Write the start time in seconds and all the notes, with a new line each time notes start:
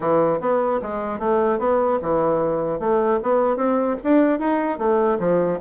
0.00 E3
0.40 B3
0.82 G#3
1.19 A3
1.59 B3
2.02 E3
2.79 A3
3.23 B3
3.56 C4
4.03 D4
4.39 D#4
4.78 A3
5.19 F3